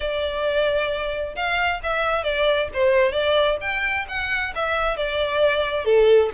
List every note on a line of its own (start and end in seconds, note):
0.00 1.35 D5
1.35 1.80 F5
1.83 2.23 E5
2.23 2.68 D5
2.73 3.12 C5
3.12 3.57 D5
3.60 4.05 G5
4.08 4.53 F#5
4.55 4.96 E5
4.96 5.85 D5
5.85 6.30 A4